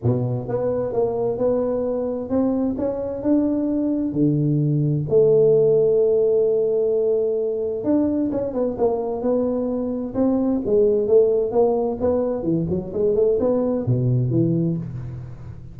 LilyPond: \new Staff \with { instrumentName = "tuba" } { \time 4/4 \tempo 4 = 130 b,4 b4 ais4 b4~ | b4 c'4 cis'4 d'4~ | d'4 d2 a4~ | a1~ |
a4 d'4 cis'8 b8 ais4 | b2 c'4 gis4 | a4 ais4 b4 e8 fis8 | gis8 a8 b4 b,4 e4 | }